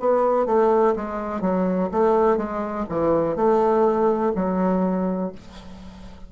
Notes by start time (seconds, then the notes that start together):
0.00 B3
0.46 A3
0.96 G#3
1.41 F#3
1.92 A3
2.38 G#3
2.89 E3
3.36 A3
4.36 F#3